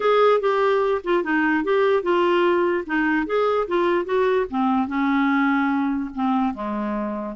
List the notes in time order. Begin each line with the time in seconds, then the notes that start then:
0.00 G#4
0.40 G4
1.04 F4
1.23 D#4
1.64 G4
2.02 F4
2.86 D#4
3.26 G#4
3.67 F4
4.05 F#4
4.49 C4
4.87 C#4
6.14 C4
6.54 G#3